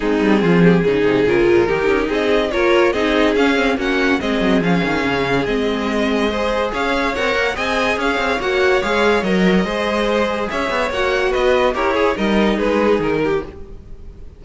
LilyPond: <<
  \new Staff \with { instrumentName = "violin" } { \time 4/4 \tempo 4 = 143 gis'2. ais'4~ | ais'4 dis''4 cis''4 dis''4 | f''4 fis''4 dis''4 f''4~ | f''4 dis''2. |
f''4 fis''4 gis''4 f''4 | fis''4 f''4 dis''2~ | dis''4 e''4 fis''4 dis''4 | cis''4 dis''4 b'4 ais'4 | }
  \new Staff \with { instrumentName = "violin" } { \time 4/4 dis'4 f'8 g'8 gis'2 | g'4 gis'4 ais'4 gis'4~ | gis'4 fis'4 gis'2~ | gis'2. c''4 |
cis''2 dis''4 cis''4~ | cis''2. c''4~ | c''4 cis''2 b'4 | ais'8 gis'8 ais'4 gis'4. g'8 | }
  \new Staff \with { instrumentName = "viola" } { \time 4/4 c'2 dis'4 f'4 | dis'2 f'4 dis'4 | cis'8 c'8 cis'4 c'4 cis'4~ | cis'4 c'2 gis'4~ |
gis'4 ais'4 gis'2 | fis'4 gis'4 ais'4 gis'4~ | gis'2 fis'2 | g'8 gis'8 dis'2. | }
  \new Staff \with { instrumentName = "cello" } { \time 4/4 gis8 g8 f4 cis8 c8 cis8 ais,8 | dis8 cis'8 c'4 ais4 c'4 | cis'4 ais4 gis8 fis8 f8 dis8 | cis4 gis2. |
cis'4 c'8 ais8 c'4 cis'8 c'8 | ais4 gis4 fis4 gis4~ | gis4 cis'8 b8 ais4 b4 | e'4 g4 gis4 dis4 | }
>>